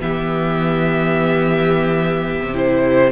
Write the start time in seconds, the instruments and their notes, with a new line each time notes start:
0.00 cello E3, viola B3, violin G4 E5
2.41 cello C3
2.54 viola E4, violin C5